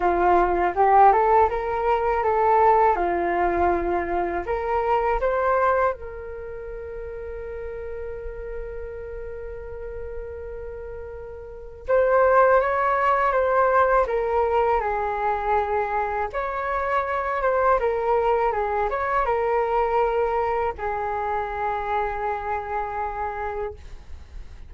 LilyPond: \new Staff \with { instrumentName = "flute" } { \time 4/4 \tempo 4 = 81 f'4 g'8 a'8 ais'4 a'4 | f'2 ais'4 c''4 | ais'1~ | ais'1 |
c''4 cis''4 c''4 ais'4 | gis'2 cis''4. c''8 | ais'4 gis'8 cis''8 ais'2 | gis'1 | }